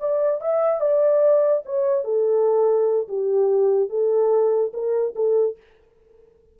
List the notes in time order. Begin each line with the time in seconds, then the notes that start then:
0.00 D5
0.41 E5
0.81 D5
1.66 C#5
2.04 A4
3.08 G4
3.89 A4
4.73 A#4
5.16 A4